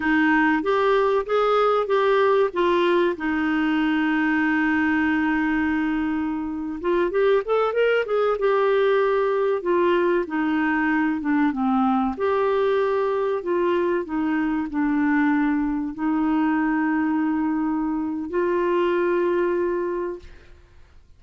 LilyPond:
\new Staff \with { instrumentName = "clarinet" } { \time 4/4 \tempo 4 = 95 dis'4 g'4 gis'4 g'4 | f'4 dis'2.~ | dis'2~ dis'8. f'8 g'8 a'16~ | a'16 ais'8 gis'8 g'2 f'8.~ |
f'16 dis'4. d'8 c'4 g'8.~ | g'4~ g'16 f'4 dis'4 d'8.~ | d'4~ d'16 dis'2~ dis'8.~ | dis'4 f'2. | }